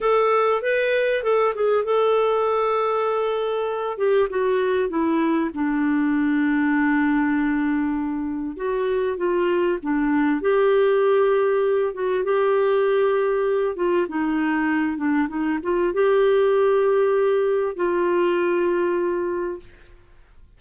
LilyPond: \new Staff \with { instrumentName = "clarinet" } { \time 4/4 \tempo 4 = 98 a'4 b'4 a'8 gis'8 a'4~ | a'2~ a'8 g'8 fis'4 | e'4 d'2.~ | d'2 fis'4 f'4 |
d'4 g'2~ g'8 fis'8 | g'2~ g'8 f'8 dis'4~ | dis'8 d'8 dis'8 f'8 g'2~ | g'4 f'2. | }